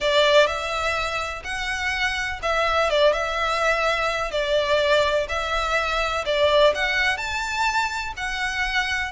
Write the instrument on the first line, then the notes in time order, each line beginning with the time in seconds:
violin
0.00 D5
0.47 E5
1.44 F#5
2.42 E5
2.90 D5
3.12 E5
4.31 D5
5.28 E5
6.25 D5
6.74 F#5
7.17 A5
8.16 F#5